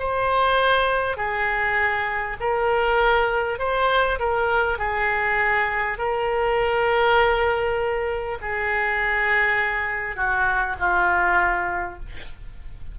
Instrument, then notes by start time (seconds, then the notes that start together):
oboe
0.00 C5
1.17 G#4
2.41 A#4
3.59 C5
4.20 A#4
4.79 G#4
5.98 A#4
8.42 G#4
10.17 F#4
10.79 F4